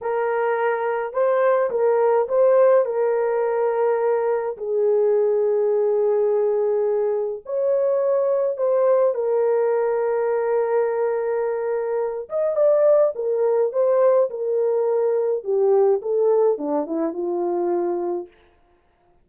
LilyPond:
\new Staff \with { instrumentName = "horn" } { \time 4/4 \tempo 4 = 105 ais'2 c''4 ais'4 | c''4 ais'2. | gis'1~ | gis'4 cis''2 c''4 |
ais'1~ | ais'4. dis''8 d''4 ais'4 | c''4 ais'2 g'4 | a'4 d'8 e'8 f'2 | }